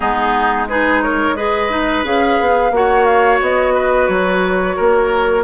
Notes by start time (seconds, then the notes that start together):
0.00 G#3 B3 D#4 G#4
0.68 D#4 G#4 B4
1.02 A#4 C#5
1.36 G#4 B4 D#5
1.69 D#4
2.04 C#4 G#4 F5
2.40 B3
2.71 A#3 F#4 C#5 F#5
3.04 F5
3.41 B3 D#5
3.74 B4
4.07 F#3 C#5
4.76 A#3 A#4